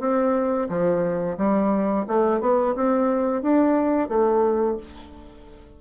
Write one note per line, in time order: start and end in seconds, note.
0.00 0.68 C4
0.69 1.37 F3
1.37 2.05 G3
2.07 2.40 A3
2.40 2.75 B3
2.75 3.42 C4
3.42 4.09 D4
4.09 4.77 A3